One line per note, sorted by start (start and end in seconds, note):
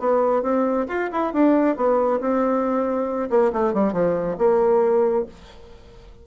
0.00 0.43 B3
0.43 0.87 C4
0.88 1.10 F4
1.12 1.33 E4
1.33 1.77 D4
1.77 2.20 B3
2.21 3.30 C4
3.30 3.52 A#3
3.53 3.74 A3
3.74 3.93 G3
3.93 4.37 F3
4.39 5.26 A#3